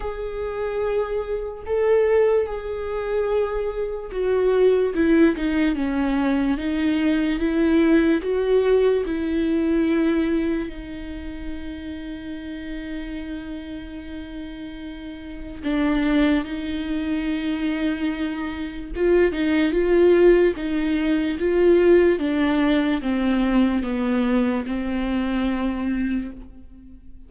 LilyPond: \new Staff \with { instrumentName = "viola" } { \time 4/4 \tempo 4 = 73 gis'2 a'4 gis'4~ | gis'4 fis'4 e'8 dis'8 cis'4 | dis'4 e'4 fis'4 e'4~ | e'4 dis'2.~ |
dis'2. d'4 | dis'2. f'8 dis'8 | f'4 dis'4 f'4 d'4 | c'4 b4 c'2 | }